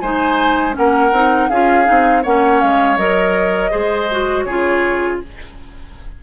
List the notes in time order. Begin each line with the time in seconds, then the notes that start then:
0.00 G#3 D#4 C5 G#5
0.73 A#3 C#4 A#4 F#5
1.12 C4 D#4
1.49 C#4 F4 G#4 F5
1.85 C4 D#4
2.23 A#3 C#4 C#5 F#5
2.61 G#3 F5
2.97 F#3 A#4 D#5
3.71 G#3 G#4 C5
4.12 F#4
4.43 C#3 G#4 C#5
4.49 F4